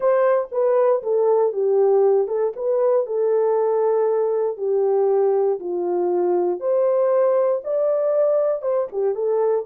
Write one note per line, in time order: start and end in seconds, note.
0.00 0.48 C5
0.51 1.02 B4
1.02 1.52 A4
1.52 2.27 G4
2.27 2.53 A4
2.55 3.06 B4
3.06 4.57 A4
4.57 5.59 G4
5.59 6.59 F4
6.59 7.61 C5
7.64 8.62 D5
8.62 8.87 C5
8.91 9.14 G4
9.14 9.65 A4